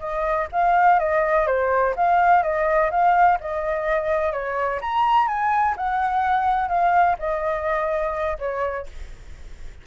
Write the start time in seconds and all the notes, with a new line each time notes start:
0.00 D#5
0.52 F5
1.00 D#5
1.47 C5
1.96 F5
2.43 D#5
2.91 F5
3.40 D#5
4.33 C#5
4.82 A#5
5.28 G#5
5.77 F#5
6.69 F5
7.19 D#5
8.39 C#5